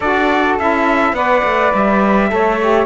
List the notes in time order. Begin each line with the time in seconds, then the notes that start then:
0.00 D4 F#4 A4 D5
0.58 C#4 E4 E5
1.12 B3 B4 D5 F#5
1.44 A3
1.74 G3 E5
2.28 A3 A4 C#5
2.61 G4